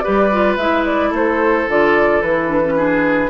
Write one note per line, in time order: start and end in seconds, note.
0.00 0.30 G4
0.00 1.11 B4
0.00 0.55 D5
0.08 0.58 G3
0.32 0.59 F4
0.58 1.12 G#3
0.58 1.69 E4
0.58 0.85 E5
0.86 1.13 D5
1.11 1.67 A3
1.11 2.74 A4
1.11 1.70 C5
1.69 2.22 D3
1.69 2.24 F4
1.69 2.22 D5
2.22 3.30 E3
2.22 2.49 E4
2.22 3.30 B4
2.49 2.62 D4
2.64 2.77 C#4
2.77 3.30 D4
2.77 3.30 G#4